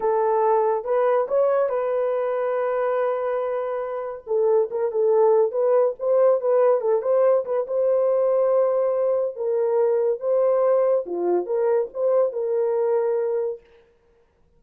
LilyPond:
\new Staff \with { instrumentName = "horn" } { \time 4/4 \tempo 4 = 141 a'2 b'4 cis''4 | b'1~ | b'2 a'4 ais'8 a'8~ | a'4 b'4 c''4 b'4 |
a'8 c''4 b'8 c''2~ | c''2 ais'2 | c''2 f'4 ais'4 | c''4 ais'2. | }